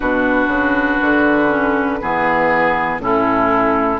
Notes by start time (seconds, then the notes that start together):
0.00 B2 D4 F#4 B4
0.47 C#3
1.01 D3
1.49 C#4
2.01 E3 B3 G#4
2.98 A2 C#4 E4 A4